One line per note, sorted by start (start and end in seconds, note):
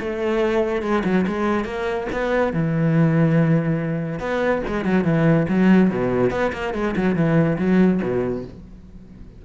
0.00 0.82 A3
0.82 1.03 G#3
1.04 1.25 F#3
1.27 1.65 G#3
1.65 2.07 A#3
2.12 2.53 B3
2.53 4.19 E3
4.19 4.62 B3
4.67 4.85 G#3
4.85 5.04 F#3
5.04 5.47 E3
5.49 5.90 F#3
5.90 6.31 B2
6.31 6.52 B3
6.53 6.74 A#3
6.74 6.95 G#3
6.96 7.15 F#3
7.15 7.57 E3
7.58 8.01 F#3
8.02 8.44 B2